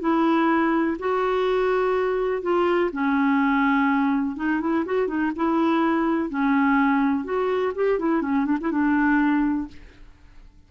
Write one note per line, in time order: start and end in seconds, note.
0.00 0.97 E4
0.99 2.42 F#4
2.42 2.91 F4
2.92 4.36 C#4
4.36 4.60 D#4
4.60 4.85 E4
4.85 5.07 F#4
5.07 5.31 D#4
5.36 6.29 E4
6.29 7.24 C#4
7.24 7.72 F#4
7.75 7.99 G4
7.99 8.22 E4
8.22 8.45 C#4
8.45 8.58 D4
8.61 8.71 E4
8.71 9.68 D4